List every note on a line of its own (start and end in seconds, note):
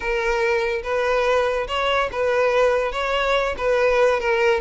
0.00 0.82 A#4
0.83 1.67 B4
1.67 2.09 C#5
2.12 2.92 B4
2.92 3.55 C#5
3.57 4.19 B4
4.19 4.60 A#4